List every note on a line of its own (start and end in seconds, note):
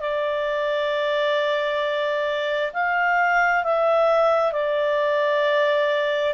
0.00 2.73 D5
2.73 3.64 F5
3.64 4.52 E5
4.52 6.34 D5